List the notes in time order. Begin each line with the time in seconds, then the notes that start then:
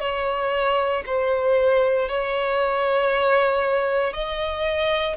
0.00 C#5
1.06 C5
2.09 C#5
4.13 D#5